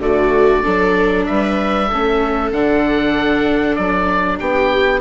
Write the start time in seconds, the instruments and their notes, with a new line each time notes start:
0.00 bassoon D3, viola A3 F#4, oboe D5
0.64 bassoon F#3, viola D4 A4
1.26 bassoon G3, viola B4, oboe E5
1.88 bassoon A3, viola C#4 A4
2.52 bassoon D3, viola D4, oboe F#5
3.76 bassoon F#3, oboe D5
4.40 bassoon B3, viola G4, oboe G5